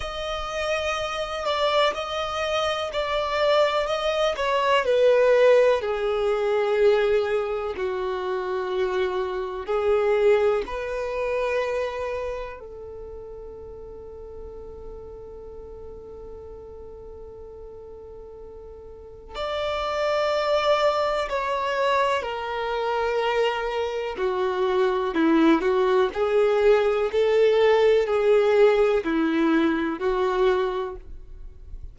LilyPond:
\new Staff \with { instrumentName = "violin" } { \time 4/4 \tempo 4 = 62 dis''4. d''8 dis''4 d''4 | dis''8 cis''8 b'4 gis'2 | fis'2 gis'4 b'4~ | b'4 a'2.~ |
a'1 | d''2 cis''4 ais'4~ | ais'4 fis'4 e'8 fis'8 gis'4 | a'4 gis'4 e'4 fis'4 | }